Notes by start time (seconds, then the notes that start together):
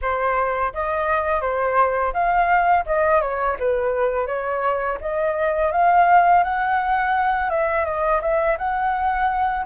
0.01 C5
0.73 D#5
1.41 C5
2.13 F5
2.86 D#5
3.21 C#5
3.59 B4
4.26 C#5
5.00 D#5
5.72 F5
6.43 F#5
7.50 E5
7.85 D#5
8.21 E5
8.58 F#5